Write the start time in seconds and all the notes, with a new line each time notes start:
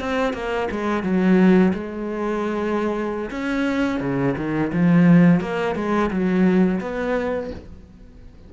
0.00 C4
0.34 A#3
0.72 G#3
1.03 F#3
1.73 G#3
3.31 C#4
4.01 C#3
4.37 D#3
4.73 F3
5.41 A#3
5.76 G#3
6.11 F#3
6.81 B3